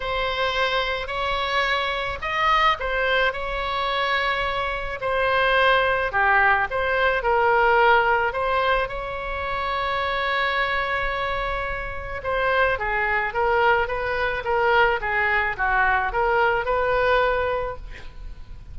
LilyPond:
\new Staff \with { instrumentName = "oboe" } { \time 4/4 \tempo 4 = 108 c''2 cis''2 | dis''4 c''4 cis''2~ | cis''4 c''2 g'4 | c''4 ais'2 c''4 |
cis''1~ | cis''2 c''4 gis'4 | ais'4 b'4 ais'4 gis'4 | fis'4 ais'4 b'2 | }